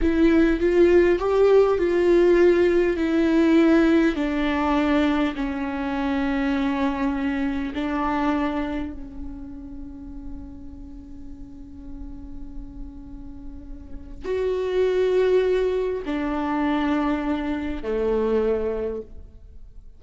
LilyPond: \new Staff \with { instrumentName = "viola" } { \time 4/4 \tempo 4 = 101 e'4 f'4 g'4 f'4~ | f'4 e'2 d'4~ | d'4 cis'2.~ | cis'4 d'2 cis'4~ |
cis'1~ | cis'1 | fis'2. d'4~ | d'2 a2 | }